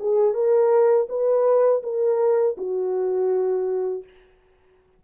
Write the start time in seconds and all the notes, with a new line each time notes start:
0.00 G#4
0.34 A#4
1.09 B4
1.84 A#4
2.57 F#4